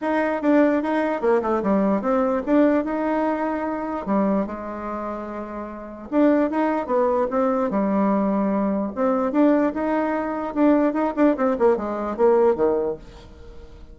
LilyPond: \new Staff \with { instrumentName = "bassoon" } { \time 4/4 \tempo 4 = 148 dis'4 d'4 dis'4 ais8 a8 | g4 c'4 d'4 dis'4~ | dis'2 g4 gis4~ | gis2. d'4 |
dis'4 b4 c'4 g4~ | g2 c'4 d'4 | dis'2 d'4 dis'8 d'8 | c'8 ais8 gis4 ais4 dis4 | }